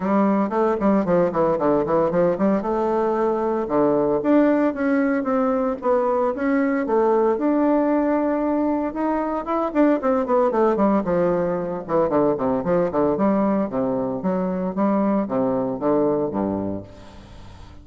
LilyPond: \new Staff \with { instrumentName = "bassoon" } { \time 4/4 \tempo 4 = 114 g4 a8 g8 f8 e8 d8 e8 | f8 g8 a2 d4 | d'4 cis'4 c'4 b4 | cis'4 a4 d'2~ |
d'4 dis'4 e'8 d'8 c'8 b8 | a8 g8 f4. e8 d8 c8 | f8 d8 g4 c4 fis4 | g4 c4 d4 g,4 | }